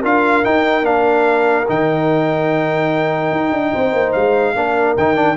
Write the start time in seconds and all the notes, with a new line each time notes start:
0.00 D4 F4 A#4 F5
0.44 D#4 G5
0.82 A#3 D4 F5
1.68 D#3 D#4 G5
3.31 D#4
3.52 D4
3.73 C4 C5
3.93 A#3
4.12 G#3 F5
4.54 A#3 D4 A#4
4.97 D#3 D#4 G5
5.15 D4